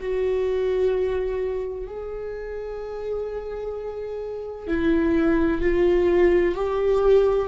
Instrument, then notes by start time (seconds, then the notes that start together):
viola
0.00 F#4
1.87 G#4
4.68 E4
5.62 F4
6.55 G4